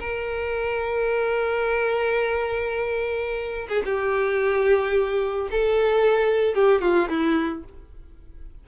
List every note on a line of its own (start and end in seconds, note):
0.00 3.68 A#4
3.69 3.83 G#4
3.85 5.49 G4
5.51 6.55 A4
6.55 6.82 G4
6.82 7.09 F4
7.09 7.64 E4